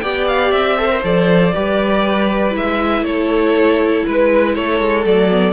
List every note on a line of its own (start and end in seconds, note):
0.00 0.52 B3
0.00 0.78 G4
0.00 0.79 D5
0.00 0.25 G5
0.28 0.51 F5
0.51 1.03 C4
0.51 1.02 E5
0.78 0.90 A4
0.78 1.55 C5
0.90 1.02 A#4
1.03 1.54 F3
1.03 1.53 A4
1.03 2.56 D5
1.54 2.55 G3
1.54 2.51 G4
1.54 3.06 B4
2.51 3.02 G#3
2.51 5.03 E4
2.51 3.05 E5
3.02 4.03 A3
3.02 4.07 A4
3.02 4.06 C#5
4.07 4.58 G#3
4.07 4.55 B4
4.07 4.56 B4
4.55 4.80 A3
4.55 5.54 A4
4.55 5.06 C#5
4.80 5.05 G#3
5.04 5.54 F#3
5.04 5.30 A3
5.04 5.54 D5
5.30 5.54 B3